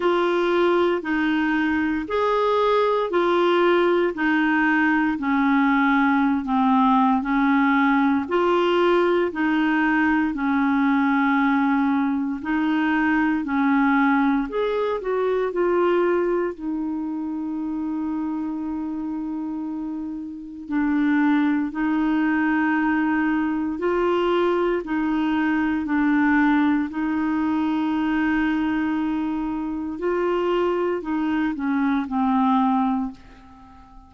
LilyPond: \new Staff \with { instrumentName = "clarinet" } { \time 4/4 \tempo 4 = 58 f'4 dis'4 gis'4 f'4 | dis'4 cis'4~ cis'16 c'8. cis'4 | f'4 dis'4 cis'2 | dis'4 cis'4 gis'8 fis'8 f'4 |
dis'1 | d'4 dis'2 f'4 | dis'4 d'4 dis'2~ | dis'4 f'4 dis'8 cis'8 c'4 | }